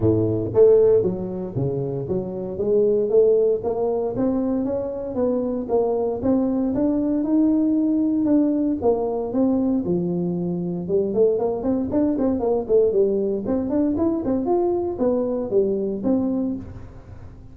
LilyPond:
\new Staff \with { instrumentName = "tuba" } { \time 4/4 \tempo 4 = 116 a,4 a4 fis4 cis4 | fis4 gis4 a4 ais4 | c'4 cis'4 b4 ais4 | c'4 d'4 dis'2 |
d'4 ais4 c'4 f4~ | f4 g8 a8 ais8 c'8 d'8 c'8 | ais8 a8 g4 c'8 d'8 e'8 c'8 | f'4 b4 g4 c'4 | }